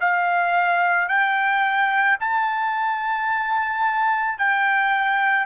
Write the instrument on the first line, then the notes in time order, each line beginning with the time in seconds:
trumpet
0.00 F5
1.08 G5
2.20 A5
4.38 G5